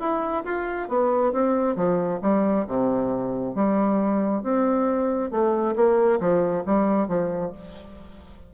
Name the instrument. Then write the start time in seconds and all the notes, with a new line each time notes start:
bassoon
0.00 E4
0.45 F4
0.89 B3
1.33 C4
1.76 F3
2.22 G3
2.68 C3
3.55 G3
4.43 C4
5.31 A3
5.76 A#3
6.20 F3
6.66 G3
7.08 F3